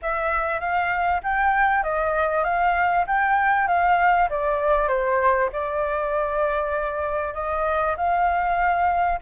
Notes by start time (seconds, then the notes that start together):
0.02 E5
0.60 F5
1.23 G5
1.83 D#5
2.44 F5
3.06 G5
3.67 F5
4.29 D5
4.88 C5
5.52 D5
7.34 D#5
7.96 F5